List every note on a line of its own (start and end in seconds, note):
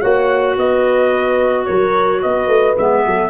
0.00 0.57 A#3
0.00 2.77 F#4
0.00 0.55 C#5
0.00 0.56 F#5
0.57 1.67 B3
0.57 1.67 B4
0.57 1.66 D#5
1.66 2.25 F#3
1.66 2.22 A#4
1.66 2.21 C#5
2.22 2.48 B3
2.22 3.05 B4
2.22 2.77 D#5
2.48 2.75 A3
2.78 3.06 G#3
2.78 3.30 B3
2.78 3.30 E5
3.06 3.30 F#3
3.06 3.30 A4